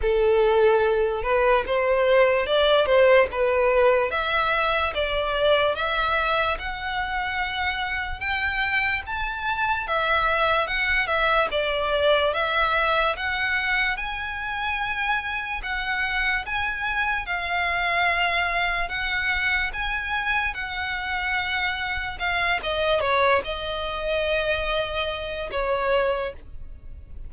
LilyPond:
\new Staff \with { instrumentName = "violin" } { \time 4/4 \tempo 4 = 73 a'4. b'8 c''4 d''8 c''8 | b'4 e''4 d''4 e''4 | fis''2 g''4 a''4 | e''4 fis''8 e''8 d''4 e''4 |
fis''4 gis''2 fis''4 | gis''4 f''2 fis''4 | gis''4 fis''2 f''8 dis''8 | cis''8 dis''2~ dis''8 cis''4 | }